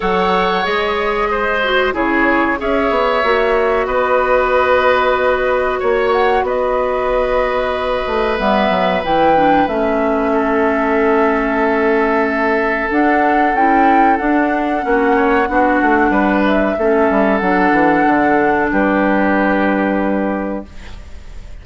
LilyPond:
<<
  \new Staff \with { instrumentName = "flute" } { \time 4/4 \tempo 4 = 93 fis''4 dis''2 cis''4 | e''2 dis''2~ | dis''4 cis''8 fis''8 dis''2~ | dis''4 e''4 g''4 e''4~ |
e''1 | fis''4 g''4 fis''2~ | fis''4. e''4. fis''4~ | fis''4 b'2. | }
  \new Staff \with { instrumentName = "oboe" } { \time 4/4 cis''2 c''4 gis'4 | cis''2 b'2~ | b'4 cis''4 b'2~ | b'1 |
a'1~ | a'2. fis'8 cis''8 | fis'4 b'4 a'2~ | a'4 g'2. | }
  \new Staff \with { instrumentName = "clarinet" } { \time 4/4 a'4 gis'4. fis'8 e'4 | gis'4 fis'2.~ | fis'1~ | fis'4 b4 e'8 d'8 cis'4~ |
cis'1 | d'4 e'4 d'4 cis'4 | d'2 cis'4 d'4~ | d'1 | }
  \new Staff \with { instrumentName = "bassoon" } { \time 4/4 fis4 gis2 cis4 | cis'8 b8 ais4 b2~ | b4 ais4 b2~ | b8 a8 g8 fis8 e4 a4~ |
a1 | d'4 cis'4 d'4 ais4 | b8 a8 g4 a8 g8 fis8 e8 | d4 g2. | }
>>